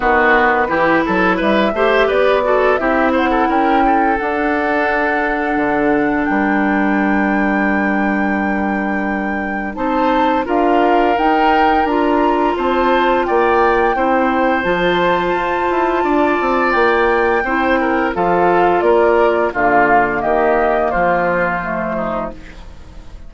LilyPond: <<
  \new Staff \with { instrumentName = "flute" } { \time 4/4 \tempo 4 = 86 b'2 e''4 d''4 | e''8 fis''8 g''4 fis''2~ | fis''4 g''2.~ | g''2 a''4 f''4 |
g''4 ais''4 a''4 g''4~ | g''4 a''2. | g''2 f''4 d''4 | f''4 dis''4 c''2 | }
  \new Staff \with { instrumentName = "oboe" } { \time 4/4 fis'4 g'8 a'8 b'8 c''8 b'8 a'8 | g'8 c''16 a'16 ais'8 a'2~ a'8~ | a'4 ais'2.~ | ais'2 c''4 ais'4~ |
ais'2 c''4 d''4 | c''2. d''4~ | d''4 c''8 ais'8 a'4 ais'4 | f'4 g'4 f'4. dis'8 | }
  \new Staff \with { instrumentName = "clarinet" } { \time 4/4 b4 e'4. g'4 fis'8 | e'2 d'2~ | d'1~ | d'2 dis'4 f'4 |
dis'4 f'2. | e'4 f'2.~ | f'4 e'4 f'2 | ais2. a4 | }
  \new Staff \with { instrumentName = "bassoon" } { \time 4/4 dis4 e8 fis8 g8 a8 b4 | c'4 cis'4 d'2 | d4 g2.~ | g2 c'4 d'4 |
dis'4 d'4 c'4 ais4 | c'4 f4 f'8 e'8 d'8 c'8 | ais4 c'4 f4 ais4 | d4 dis4 f2 | }
>>